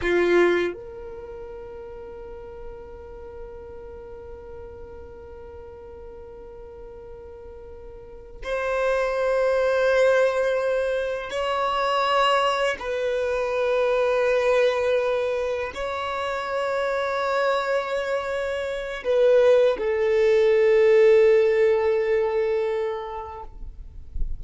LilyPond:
\new Staff \with { instrumentName = "violin" } { \time 4/4 \tempo 4 = 82 f'4 ais'2.~ | ais'1~ | ais'2.~ ais'8 c''8~ | c''2.~ c''8 cis''8~ |
cis''4. b'2~ b'8~ | b'4. cis''2~ cis''8~ | cis''2 b'4 a'4~ | a'1 | }